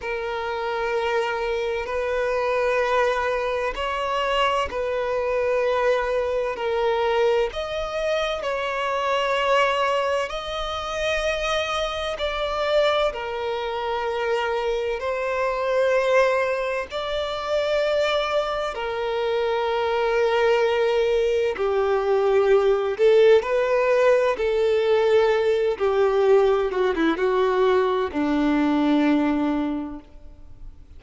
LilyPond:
\new Staff \with { instrumentName = "violin" } { \time 4/4 \tempo 4 = 64 ais'2 b'2 | cis''4 b'2 ais'4 | dis''4 cis''2 dis''4~ | dis''4 d''4 ais'2 |
c''2 d''2 | ais'2. g'4~ | g'8 a'8 b'4 a'4. g'8~ | g'8 fis'16 e'16 fis'4 d'2 | }